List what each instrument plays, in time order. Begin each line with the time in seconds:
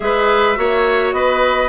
0.00 bassoon G#3, clarinet G#4, oboe B4, flute E5
0.55 bassoon A#3, clarinet F#4, oboe C#5
1.12 bassoon B3, oboe B4, flute D#5